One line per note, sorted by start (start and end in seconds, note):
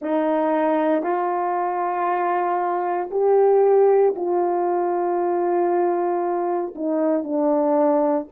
0.01 1.03 D#4
1.03 3.09 F4
3.10 4.14 G4
4.16 6.74 F4
6.75 7.23 D#4
7.23 8.27 D4